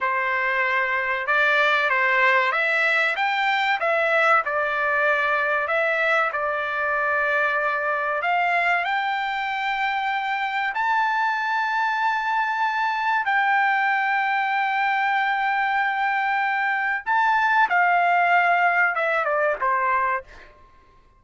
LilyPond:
\new Staff \with { instrumentName = "trumpet" } { \time 4/4 \tempo 4 = 95 c''2 d''4 c''4 | e''4 g''4 e''4 d''4~ | d''4 e''4 d''2~ | d''4 f''4 g''2~ |
g''4 a''2.~ | a''4 g''2.~ | g''2. a''4 | f''2 e''8 d''8 c''4 | }